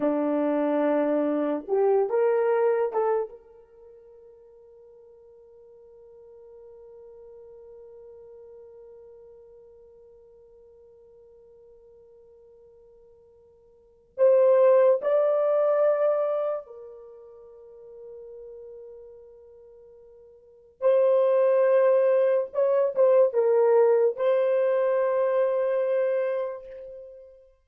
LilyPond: \new Staff \with { instrumentName = "horn" } { \time 4/4 \tempo 4 = 72 d'2 g'8 ais'4 a'8 | ais'1~ | ais'1~ | ais'1~ |
ais'4 c''4 d''2 | ais'1~ | ais'4 c''2 cis''8 c''8 | ais'4 c''2. | }